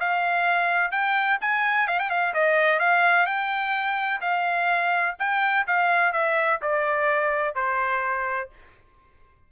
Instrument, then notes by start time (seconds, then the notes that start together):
trumpet
0.00 F5
0.91 G5
1.41 G#5
1.88 F5
1.99 G5
2.10 F5
2.34 D#5
2.80 F5
3.26 G5
4.21 F5
5.19 G5
5.67 F5
6.13 E5
6.62 D5
7.55 C5